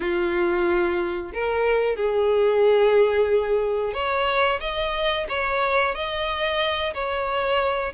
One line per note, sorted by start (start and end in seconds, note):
0.00 1.32 F4
1.33 1.96 A#4
1.96 3.93 G#4
3.93 4.59 C#5
4.60 5.26 D#5
5.28 5.94 C#5
5.94 6.93 D#5
6.94 7.92 C#5